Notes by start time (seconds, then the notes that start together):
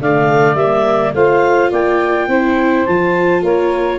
0.00 D3 A3 D5 F5
0.55 G3 A#3 E5
1.13 A3 F4 C5 F5
1.70 A#3 D5 G5
2.28 C4 E4 C5
2.86 F3 F4 A5
3.42 A#3 A#4 C#5